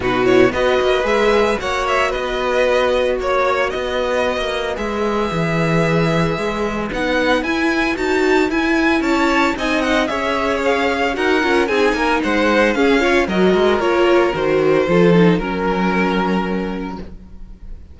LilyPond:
<<
  \new Staff \with { instrumentName = "violin" } { \time 4/4 \tempo 4 = 113 b'8 cis''8 dis''4 e''4 fis''8 e''8 | dis''2 cis''4 dis''4~ | dis''4 e''2.~ | e''4 fis''4 gis''4 a''4 |
gis''4 a''4 gis''8 fis''8 e''4 | f''4 fis''4 gis''4 fis''4 | f''4 dis''4 cis''4 c''4~ | c''4 ais'2. | }
  \new Staff \with { instrumentName = "violin" } { \time 4/4 fis'4 b'2 cis''4 | b'2 cis''4 b'4~ | b'1~ | b'1~ |
b'4 cis''4 dis''4 cis''4~ | cis''4 ais'4 gis'8 ais'8 c''4 | gis'8 cis''8 ais'2. | a'4 ais'2. | }
  \new Staff \with { instrumentName = "viola" } { \time 4/4 dis'8 e'8 fis'4 gis'4 fis'4~ | fis'1~ | fis'4 gis'2.~ | gis'4 dis'4 e'4 fis'4 |
e'2 dis'4 gis'4~ | gis'4 fis'8 f'8 dis'2 | cis'8 f'8 fis'4 f'4 fis'4 | f'8 dis'8 cis'2. | }
  \new Staff \with { instrumentName = "cello" } { \time 4/4 b,4 b8 ais8 gis4 ais4 | b2 ais4 b4~ | b16 ais8. gis4 e2 | gis4 b4 e'4 dis'4 |
e'4 cis'4 c'4 cis'4~ | cis'4 dis'8 cis'8 c'8 ais8 gis4 | cis'4 fis8 gis8 ais4 dis4 | f4 fis2. | }
>>